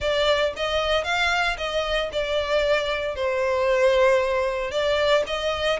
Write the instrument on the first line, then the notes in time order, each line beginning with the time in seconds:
violin
0.00 D5
0.56 D#5
1.04 F5
1.57 D#5
2.12 D5
3.15 C5
4.71 D5
5.27 D#5